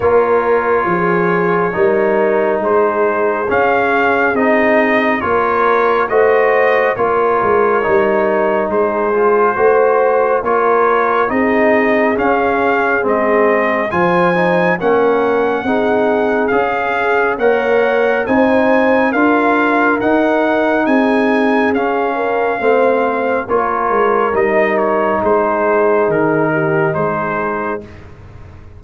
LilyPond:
<<
  \new Staff \with { instrumentName = "trumpet" } { \time 4/4 \tempo 4 = 69 cis''2. c''4 | f''4 dis''4 cis''4 dis''4 | cis''2 c''2 | cis''4 dis''4 f''4 dis''4 |
gis''4 fis''2 f''4 | fis''4 gis''4 f''4 fis''4 | gis''4 f''2 cis''4 | dis''8 cis''8 c''4 ais'4 c''4 | }
  \new Staff \with { instrumentName = "horn" } { \time 4/4 ais'4 gis'4 ais'4 gis'4~ | gis'2 ais'4 c''4 | ais'2 gis'4 c''4 | ais'4 gis'2. |
c''4 ais'4 gis'2 | cis''4 c''4 ais'2 | gis'4. ais'8 c''4 ais'4~ | ais'4 gis'4. g'8 gis'4 | }
  \new Staff \with { instrumentName = "trombone" } { \time 4/4 f'2 dis'2 | cis'4 dis'4 f'4 fis'4 | f'4 dis'4. f'8 fis'4 | f'4 dis'4 cis'4 c'4 |
f'8 dis'8 cis'4 dis'4 gis'4 | ais'4 dis'4 f'4 dis'4~ | dis'4 cis'4 c'4 f'4 | dis'1 | }
  \new Staff \with { instrumentName = "tuba" } { \time 4/4 ais4 f4 g4 gis4 | cis'4 c'4 ais4 a4 | ais8 gis8 g4 gis4 a4 | ais4 c'4 cis'4 gis4 |
f4 ais4 c'4 cis'4 | ais4 c'4 d'4 dis'4 | c'4 cis'4 a4 ais8 gis8 | g4 gis4 dis4 gis4 | }
>>